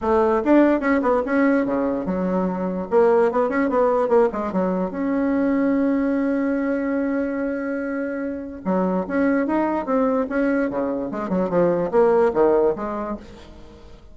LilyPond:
\new Staff \with { instrumentName = "bassoon" } { \time 4/4 \tempo 4 = 146 a4 d'4 cis'8 b8 cis'4 | cis4 fis2 ais4 | b8 cis'8 b4 ais8 gis8 fis4 | cis'1~ |
cis'1~ | cis'4 fis4 cis'4 dis'4 | c'4 cis'4 cis4 gis8 fis8 | f4 ais4 dis4 gis4 | }